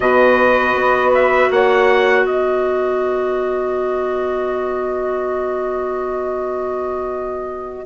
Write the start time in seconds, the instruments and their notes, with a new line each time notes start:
0.00 bassoon B2, clarinet F#4, saxophone B4, trumpet D#5
0.75 bassoon B3
1.13 trumpet E5
1.50 bassoon A#3, saxophone C#5, trumpet F#5
2.24 bassoon B3, saxophone B4, trumpet D#5